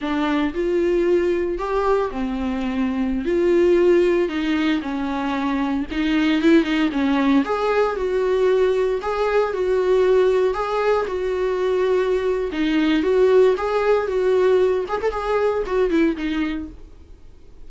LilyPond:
\new Staff \with { instrumentName = "viola" } { \time 4/4 \tempo 4 = 115 d'4 f'2 g'4 | c'2~ c'16 f'4.~ f'16~ | f'16 dis'4 cis'2 dis'8.~ | dis'16 e'8 dis'8 cis'4 gis'4 fis'8.~ |
fis'4~ fis'16 gis'4 fis'4.~ fis'16~ | fis'16 gis'4 fis'2~ fis'8. | dis'4 fis'4 gis'4 fis'4~ | fis'8 gis'16 a'16 gis'4 fis'8 e'8 dis'4 | }